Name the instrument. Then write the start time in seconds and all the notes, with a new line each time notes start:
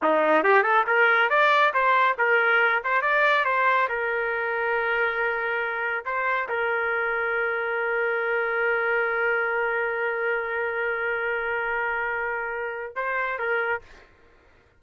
trumpet
0.02 D#4
0.43 G4
0.62 A4
0.86 A#4
1.29 D5
1.73 C5
2.18 A#4
2.84 C5
3.01 D5
3.44 C5
3.88 A#4
6.05 C5
6.49 A#4
12.95 C5
13.38 A#4